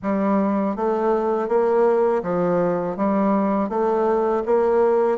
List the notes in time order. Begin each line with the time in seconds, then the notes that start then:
0.02 G3
0.75 A3
1.48 A#3
2.23 F3
2.96 G3
3.69 A3
4.45 A#3